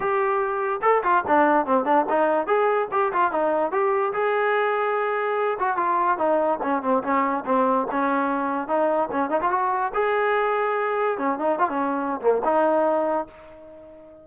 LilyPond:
\new Staff \with { instrumentName = "trombone" } { \time 4/4 \tempo 4 = 145 g'2 a'8 f'8 d'4 | c'8 d'8 dis'4 gis'4 g'8 f'8 | dis'4 g'4 gis'2~ | gis'4. fis'8 f'4 dis'4 |
cis'8 c'8 cis'4 c'4 cis'4~ | cis'4 dis'4 cis'8 dis'16 f'16 fis'4 | gis'2. cis'8 dis'8 | f'16 cis'4~ cis'16 ais8 dis'2 | }